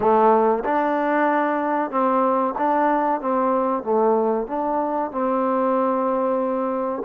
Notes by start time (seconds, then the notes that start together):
0.00 A3
0.64 D4
1.90 C4
2.57 D4
3.20 C4
3.83 A3
4.47 D4
5.11 C4